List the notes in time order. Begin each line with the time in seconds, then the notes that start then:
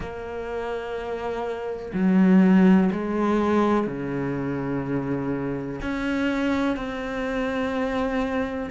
0.00 A#3
1.94 F#3
2.92 G#3
3.87 C#3
5.81 C#4
6.76 C4